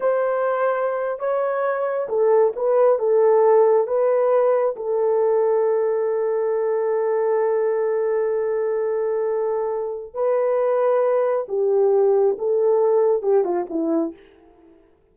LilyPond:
\new Staff \with { instrumentName = "horn" } { \time 4/4 \tempo 4 = 136 c''2~ c''8. cis''4~ cis''16~ | cis''8. a'4 b'4 a'4~ a'16~ | a'8. b'2 a'4~ a'16~ | a'1~ |
a'1~ | a'2. b'4~ | b'2 g'2 | a'2 g'8 f'8 e'4 | }